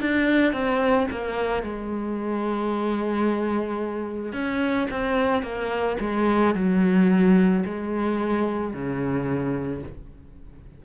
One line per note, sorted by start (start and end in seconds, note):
0.00 0.53 D4
0.53 1.07 C4
1.11 1.63 A#3
1.63 4.33 G#3
4.33 4.87 C#4
4.90 5.42 C4
5.42 5.97 A#3
6.00 6.55 G#3
6.55 7.64 F#3
7.65 8.74 G#3
8.74 9.83 C#3